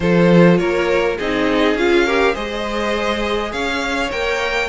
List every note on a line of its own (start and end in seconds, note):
0.00 0.59 F3
0.00 1.18 F4
0.00 0.59 A4
0.00 0.58 C5
0.58 1.18 A#3
0.58 1.18 A#4
0.58 1.16 C#5
1.18 1.74 C4
1.18 1.78 D#4
1.18 2.05 G#4
1.18 1.77 D#5
1.74 2.33 C#4
1.74 2.06 F4
1.74 2.35 F5
2.05 2.33 G4
2.05 2.33 A#4
2.33 3.52 G#3
2.33 4.10 G#4
2.33 3.50 C5
2.33 3.52 D#5
3.52 4.11 C#4
3.52 4.69 C#5
3.52 4.10 F5
4.11 4.69 A#3
4.11 4.69 A#4
4.11 4.69 G5